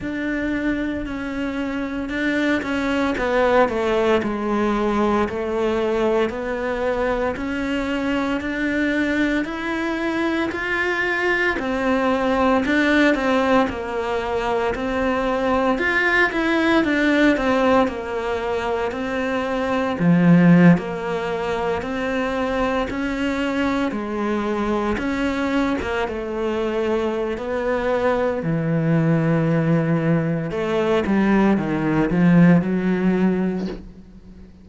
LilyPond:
\new Staff \with { instrumentName = "cello" } { \time 4/4 \tempo 4 = 57 d'4 cis'4 d'8 cis'8 b8 a8 | gis4 a4 b4 cis'4 | d'4 e'4 f'4 c'4 | d'8 c'8 ais4 c'4 f'8 e'8 |
d'8 c'8 ais4 c'4 f8. ais16~ | ais8. c'4 cis'4 gis4 cis'16~ | cis'8 ais16 a4~ a16 b4 e4~ | e4 a8 g8 dis8 f8 fis4 | }